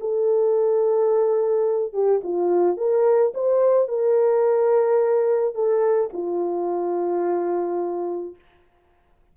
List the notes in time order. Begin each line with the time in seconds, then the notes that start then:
0.00 A4
1.93 G4
2.23 F4
2.77 A#4
3.34 C5
3.88 A#4
5.55 A4
6.13 F4